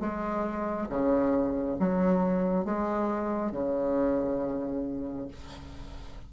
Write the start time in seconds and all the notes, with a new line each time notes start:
0.00 G#3
0.89 C#3
1.79 F#3
2.65 G#3
3.51 C#3